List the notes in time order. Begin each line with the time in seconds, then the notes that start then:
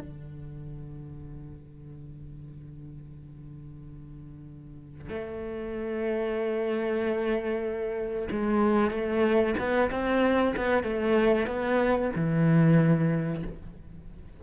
0.00 D3
5.09 A3
8.32 G#3
8.91 A3
9.59 B3
9.91 C4
10.57 B3
10.84 A3
11.47 B3
12.16 E3